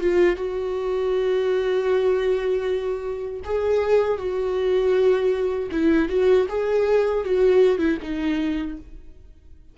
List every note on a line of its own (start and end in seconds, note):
0.00 0.36 F4
0.36 3.40 F#4
3.44 4.17 G#4
4.17 5.69 F#4
5.71 6.09 E4
6.09 6.47 F#4
6.48 7.24 G#4
7.24 7.78 F#4
7.78 7.97 E4
8.02 8.78 D#4